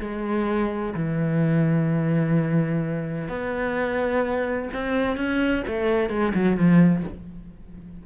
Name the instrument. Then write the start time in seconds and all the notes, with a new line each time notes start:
cello
0.00 G#3
0.94 E3
3.28 B3
4.73 C4
5.16 C#4
5.67 A3
6.09 G#3
6.34 F#3
6.56 F3